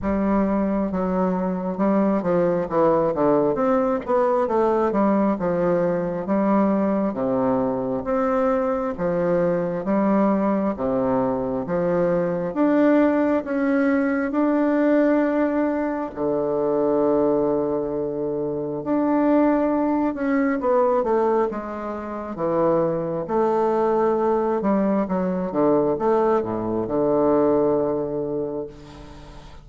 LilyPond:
\new Staff \with { instrumentName = "bassoon" } { \time 4/4 \tempo 4 = 67 g4 fis4 g8 f8 e8 d8 | c'8 b8 a8 g8 f4 g4 | c4 c'4 f4 g4 | c4 f4 d'4 cis'4 |
d'2 d2~ | d4 d'4. cis'8 b8 a8 | gis4 e4 a4. g8 | fis8 d8 a8 a,8 d2 | }